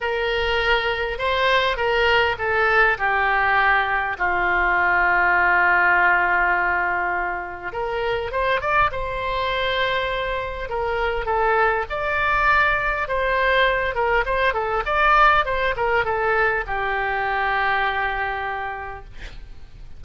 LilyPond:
\new Staff \with { instrumentName = "oboe" } { \time 4/4 \tempo 4 = 101 ais'2 c''4 ais'4 | a'4 g'2 f'4~ | f'1~ | f'4 ais'4 c''8 d''8 c''4~ |
c''2 ais'4 a'4 | d''2 c''4. ais'8 | c''8 a'8 d''4 c''8 ais'8 a'4 | g'1 | }